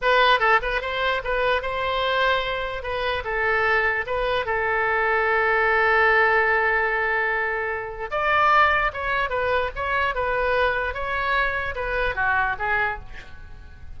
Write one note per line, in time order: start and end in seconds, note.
0.01 0.39 B4
0.39 0.60 A4
0.61 0.81 B4
0.81 1.21 C5
1.23 1.62 B4
1.62 2.82 C5
2.82 3.23 B4
3.24 4.05 A4
4.06 4.45 B4
4.45 8.10 A4
8.10 8.91 D5
8.93 9.29 C#5
9.29 9.70 B4
9.75 10.14 C#5
10.14 10.93 B4
10.93 11.75 C#5
11.75 12.15 B4
12.15 12.55 F#4
12.58 12.99 G#4